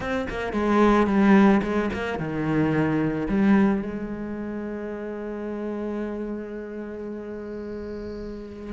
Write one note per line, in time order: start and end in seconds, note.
0.00 0.27 C4
0.29 0.52 A#3
0.52 1.06 G#3
1.06 1.61 G3
1.62 1.90 G#3
1.93 2.18 A#3
2.18 3.27 D#3
3.28 3.82 G3
3.82 8.72 G#3